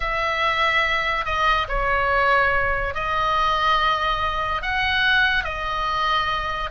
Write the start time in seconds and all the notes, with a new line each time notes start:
0.00 E5
1.25 D#5
1.68 C#5
2.94 D#5
4.62 F#5
5.44 D#5